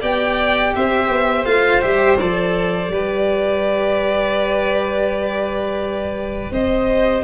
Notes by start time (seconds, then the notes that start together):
0.00 B3 G4 D5 G5
0.75 C4 C5 E5
1.09 B3
1.45 A3 F4 F5
1.81 G3 G4 E5
2.18 F3 A4 D5
2.89 G3 G4 B4
6.51 C4 C5 D#5